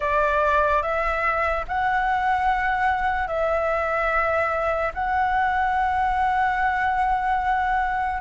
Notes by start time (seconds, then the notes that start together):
0.00 D5
0.82 E5
1.67 F#5
3.27 E5
4.94 F#5